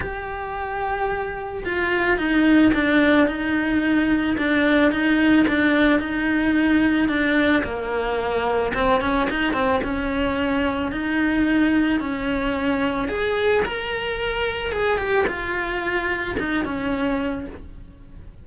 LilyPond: \new Staff \with { instrumentName = "cello" } { \time 4/4 \tempo 4 = 110 g'2. f'4 | dis'4 d'4 dis'2 | d'4 dis'4 d'4 dis'4~ | dis'4 d'4 ais2 |
c'8 cis'8 dis'8 c'8 cis'2 | dis'2 cis'2 | gis'4 ais'2 gis'8 g'8 | f'2 dis'8 cis'4. | }